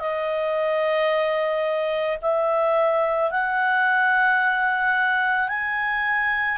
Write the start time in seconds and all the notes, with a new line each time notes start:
0.00 D#5
2.22 E5
3.31 F#5
5.49 G#5